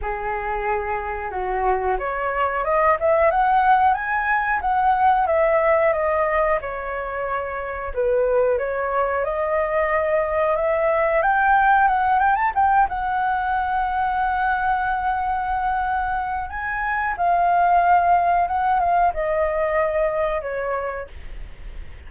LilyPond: \new Staff \with { instrumentName = "flute" } { \time 4/4 \tempo 4 = 91 gis'2 fis'4 cis''4 | dis''8 e''8 fis''4 gis''4 fis''4 | e''4 dis''4 cis''2 | b'4 cis''4 dis''2 |
e''4 g''4 fis''8 g''16 a''16 g''8 fis''8~ | fis''1~ | fis''4 gis''4 f''2 | fis''8 f''8 dis''2 cis''4 | }